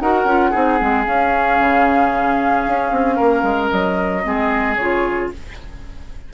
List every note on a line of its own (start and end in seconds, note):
0.00 0.24 D#4
0.00 0.28 F#4
0.00 0.51 A#4
0.00 1.04 F#5
0.24 0.51 C#4
0.24 0.52 F4
0.51 0.81 C4
0.51 0.79 D#4
0.51 3.16 G#4
0.79 1.06 G#3
0.79 1.05 C4
1.04 4.23 C#4
1.04 1.59 C#4
1.04 3.69 F5
1.60 2.66 C#3
2.67 2.91 C#4
2.91 3.18 C4
3.16 3.43 A#3
3.16 4.22 A#4
3.43 3.69 G#3
3.69 4.25 F#3
3.69 4.75 D#5
4.23 4.77 G#3
4.23 4.76 C4
4.23 5.33 G#4
4.76 5.30 C#3
4.76 5.33 F4
4.76 5.29 C#5